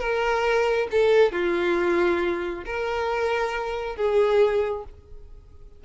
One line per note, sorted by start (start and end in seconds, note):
0.00 0.88 A#4
0.92 1.32 A4
1.32 2.65 F4
2.66 3.96 A#4
3.96 4.85 G#4